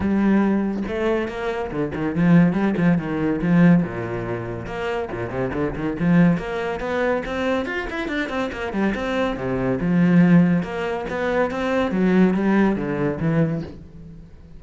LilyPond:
\new Staff \with { instrumentName = "cello" } { \time 4/4 \tempo 4 = 141 g2 a4 ais4 | d8 dis8 f4 g8 f8 dis4 | f4 ais,2 ais4 | ais,8 c8 d8 dis8 f4 ais4 |
b4 c'4 f'8 e'8 d'8 c'8 | ais8 g8 c'4 c4 f4~ | f4 ais4 b4 c'4 | fis4 g4 d4 e4 | }